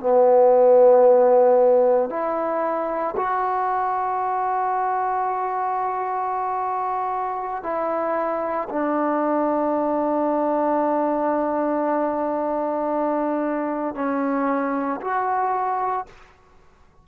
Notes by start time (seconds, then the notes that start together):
0.00 B3
2.10 E4
3.17 F#4
7.64 E4
8.70 D4
13.96 C#4
15.01 F#4